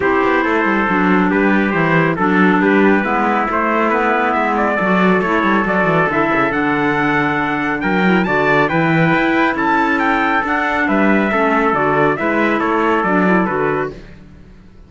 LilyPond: <<
  \new Staff \with { instrumentName = "trumpet" } { \time 4/4 \tempo 4 = 138 c''2. b'4 | c''4 a'4 b'2 | c''4 b'4 e''8 d''4. | cis''4 d''4 e''4 fis''4~ |
fis''2 g''4 a''4 | g''2 a''4 g''4 | fis''4 e''2 d''4 | e''4 cis''4 d''4 b'4 | }
  \new Staff \with { instrumentName = "trumpet" } { \time 4/4 g'4 a'2 g'4~ | g'4 a'4 g'4 e'4~ | e'2. a'4~ | a'1~ |
a'2 ais'4 d''4 | b'2 a'2~ | a'4 b'4 a'2 | b'4 a'2. | }
  \new Staff \with { instrumentName = "clarinet" } { \time 4/4 e'2 d'2 | e'4 d'2 b4 | a4 b2 fis'4 | e'4 fis'4 e'4 d'4~ |
d'2~ d'8 e'8 fis'4 | e'1 | d'2 cis'4 fis'4 | e'2 d'8 e'8 fis'4 | }
  \new Staff \with { instrumentName = "cello" } { \time 4/4 c'8 b8 a8 g8 fis4 g4 | e4 fis4 g4 gis4 | a2 gis4 fis4 | a8 g8 fis8 e8 d8 cis8 d4~ |
d2 fis4 d4 | e4 e'4 cis'2 | d'4 g4 a4 d4 | gis4 a4 fis4 d4 | }
>>